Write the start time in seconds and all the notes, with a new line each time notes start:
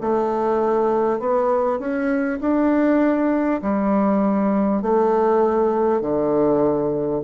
0.00 A3
1.19 B3
1.79 C#4
2.41 D4
3.62 G3
4.82 A3
6.01 D3